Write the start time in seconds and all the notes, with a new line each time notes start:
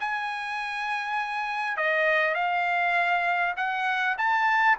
0.00 G#5
1.77 D#5
2.35 F5
3.57 F#5
4.18 A5